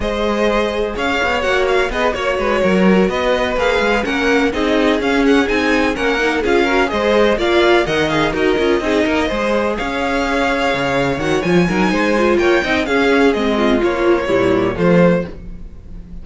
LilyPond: <<
  \new Staff \with { instrumentName = "violin" } { \time 4/4 \tempo 4 = 126 dis''2 f''4 fis''8 f''8 | dis''8 cis''2 dis''4 f''8~ | f''8 fis''4 dis''4 f''8 fis''8 gis''8~ | gis''8 fis''4 f''4 dis''4 f''8~ |
f''8 fis''8 f''8 dis''2~ dis''8~ | dis''8 f''2. fis''8 | gis''2 g''4 f''4 | dis''4 cis''2 c''4 | }
  \new Staff \with { instrumentName = "violin" } { \time 4/4 c''2 cis''2 | b'8 cis''8 b'8 ais'4 b'4.~ | b'8 ais'4 gis'2~ gis'8~ | gis'8 ais'4 gis'8 ais'8 c''4 d''8~ |
d''8 dis''4 ais'4 gis'8 ais'8 c''8~ | c''8 cis''2.~ cis''8~ | cis''8 ais'8 c''4 cis''8 dis''8 gis'4~ | gis'8 f'4. e'4 f'4 | }
  \new Staff \with { instrumentName = "viola" } { \time 4/4 gis'2. fis'4 | gis'8 fis'2. gis'8~ | gis'8 cis'4 dis'4 cis'4 dis'8~ | dis'8 cis'8 dis'8 f'8 fis'8 gis'4 f'8~ |
f'8 ais'8 gis'8 fis'8 f'8 dis'4 gis'8~ | gis'2.~ gis'8 fis'8 | f'8 dis'4 f'4 dis'8 cis'4 | c'4 f4 g4 a4 | }
  \new Staff \with { instrumentName = "cello" } { \time 4/4 gis2 cis'8 b8 ais4 | b8 ais8 gis8 fis4 b4 ais8 | gis8 ais4 c'4 cis'4 c'8~ | c'8 ais4 cis'4 gis4 ais8~ |
ais8 dis4 dis'8 cis'8 c'8 ais8 gis8~ | gis8 cis'2 cis4 dis8 | f8 fis8 gis4 ais8 c'8 cis'4 | gis4 ais4 ais,4 f4 | }
>>